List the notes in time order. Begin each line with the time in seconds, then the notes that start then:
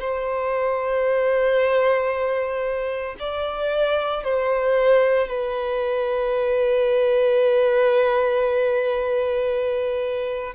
0.00 C5
3.19 D5
4.24 C5
5.28 B4